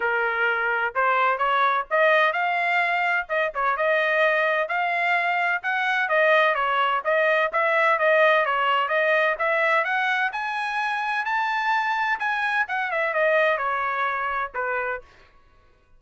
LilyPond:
\new Staff \with { instrumentName = "trumpet" } { \time 4/4 \tempo 4 = 128 ais'2 c''4 cis''4 | dis''4 f''2 dis''8 cis''8 | dis''2 f''2 | fis''4 dis''4 cis''4 dis''4 |
e''4 dis''4 cis''4 dis''4 | e''4 fis''4 gis''2 | a''2 gis''4 fis''8 e''8 | dis''4 cis''2 b'4 | }